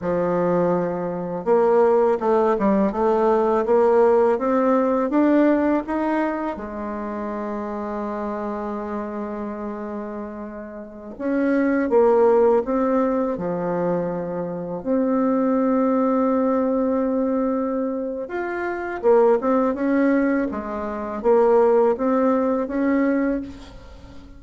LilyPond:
\new Staff \with { instrumentName = "bassoon" } { \time 4/4 \tempo 4 = 82 f2 ais4 a8 g8 | a4 ais4 c'4 d'4 | dis'4 gis2.~ | gis2.~ gis16 cis'8.~ |
cis'16 ais4 c'4 f4.~ f16~ | f16 c'2.~ c'8.~ | c'4 f'4 ais8 c'8 cis'4 | gis4 ais4 c'4 cis'4 | }